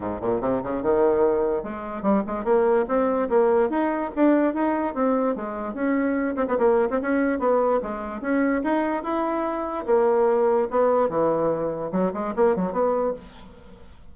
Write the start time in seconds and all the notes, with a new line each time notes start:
0.00 G#2
0.21 A#2
0.41 C3
0.63 C#3
0.82 D#3
1.63 G#3
2.02 G3
2.26 G#3
2.44 A#3
2.87 C4
3.29 A#3
3.69 D#4
4.15 D4
4.54 D#4
4.94 C4
5.35 G#3
5.73 C#4
6.35 C4
6.47 B3
6.58 A#3
6.90 C4
7.01 C#4
7.39 B3
7.82 G#3
8.21 C#4
8.63 D#4
9.03 E4
9.86 A#3
10.70 B3
11.09 E3
11.91 F#3
12.13 G#3
12.36 A#3
12.55 F#3
12.72 B3